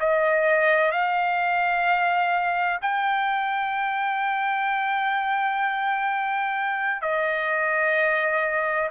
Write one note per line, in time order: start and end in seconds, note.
0.00 0.92 D#5
0.92 2.79 F5
2.82 7.01 G5
7.01 8.89 D#5